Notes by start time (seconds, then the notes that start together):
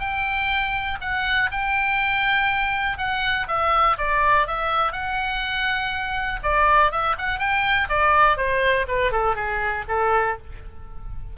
0.00 G5
1.01 F#5
1.52 G5
2.98 F#5
3.48 E5
3.98 D5
4.47 E5
4.93 F#5
6.43 D5
6.91 E5
7.18 F#5
7.39 G5
7.90 D5
8.37 C5
8.88 B4
9.12 A4
9.36 G#4
9.89 A4